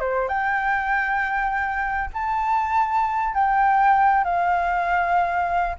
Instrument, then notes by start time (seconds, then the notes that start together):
flute
0.00 C5
0.28 G5
2.13 A5
3.34 G5
4.24 F5